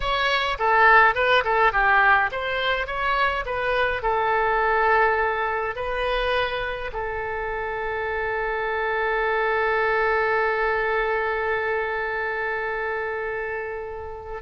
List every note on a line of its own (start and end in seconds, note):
0.00 0.58 C#5
0.58 1.15 A4
1.15 1.43 B4
1.44 1.72 A4
1.72 2.30 G4
2.31 2.87 C5
2.87 3.44 C#5
3.45 4.02 B4
4.02 5.75 A4
5.75 6.91 B4
6.93 14.42 A4